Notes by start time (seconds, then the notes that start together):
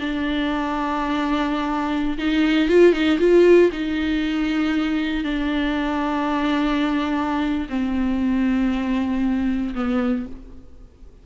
0.00 D4
2.18 D#4
2.69 F4
2.93 D#4
3.20 F4
3.72 D#4
5.24 D4
7.69 C4
9.75 B3